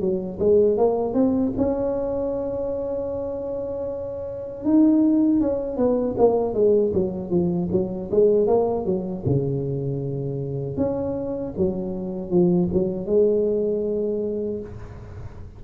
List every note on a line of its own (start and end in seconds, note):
0.00 0.38 F#3
0.39 0.77 G#3
0.77 1.14 A#3
1.14 1.52 C4
1.57 4.64 C#4
4.64 5.40 D#4
5.40 5.77 C#4
5.77 6.15 B3
6.17 6.53 A#3
6.53 6.92 G#3
6.93 7.30 F#3
7.30 7.69 F3
7.71 8.10 F#3
8.10 8.47 G#3
8.47 8.85 A#3
8.85 9.24 F#3
9.26 10.77 C#3
10.77 11.53 C#4
11.57 12.30 F#3
12.30 12.68 F3
12.72 13.06 F#3
13.06 14.60 G#3